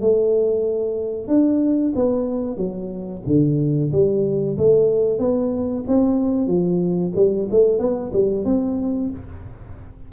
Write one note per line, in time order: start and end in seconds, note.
0.00 1.27 A3
1.27 1.93 D4
1.95 2.57 B3
2.57 3.22 F#3
3.26 3.92 D3
3.92 4.57 G3
4.57 5.18 A3
5.18 5.84 B3
5.88 6.47 C4
6.47 7.12 F3
7.16 7.48 G3
7.51 7.79 A3
7.79 8.11 B3
8.13 8.45 G3
8.45 9.10 C4